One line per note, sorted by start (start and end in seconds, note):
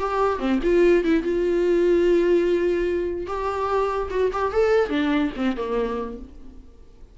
0.00 0.39 G4
0.39 0.60 C4
0.64 1.05 F4
1.05 1.23 E4
1.23 3.27 F4
3.27 4.09 G4
4.11 4.31 F#4
4.33 4.53 G4
4.53 4.90 A4
4.90 5.31 D4
5.37 5.57 C4
5.57 6.19 A#3